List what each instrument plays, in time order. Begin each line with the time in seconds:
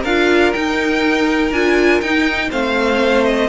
0.00 cello D4, violin A#4 F5
0.06 viola F4
0.52 viola D#4, cello D#4, violin G5
1.51 cello D4, viola F4, violin G#5
2.00 cello D#4, viola D#4, violin G5
2.49 cello A3, viola C4, violin C5 F5
3.25 violin D#5